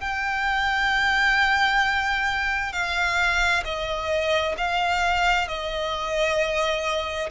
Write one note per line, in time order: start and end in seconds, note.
0.00 2.72 G5
2.72 3.63 F5
3.64 4.55 D#5
4.57 5.48 F5
5.48 7.29 D#5